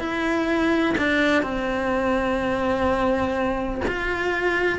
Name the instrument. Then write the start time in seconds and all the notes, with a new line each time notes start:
cello
0.00 E4
0.98 D4
1.43 C4
3.88 F4